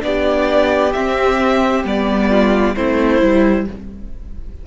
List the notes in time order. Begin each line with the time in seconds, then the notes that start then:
0.00 B3 D4 D5
0.06 G4
0.93 C4 E5
1.84 G3 B3 D5
2.30 F4
2.76 A3 C4 E4 C5
3.20 G3 E4